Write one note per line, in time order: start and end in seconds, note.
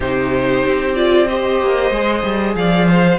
0.00 0.64 C3
0.00 0.95 D#4
0.00 1.28 G4
0.00 0.95 C5
0.66 1.61 C4
0.95 1.27 F4
0.95 1.27 D5
1.27 1.92 G4
1.27 2.56 C5
1.27 2.55 D#5
1.61 1.91 A#3
1.91 2.22 G#3
1.91 3.18 G#4
2.23 2.55 G3
2.55 3.18 F3
2.55 2.88 D5
2.55 3.18 F5
2.88 3.18 C5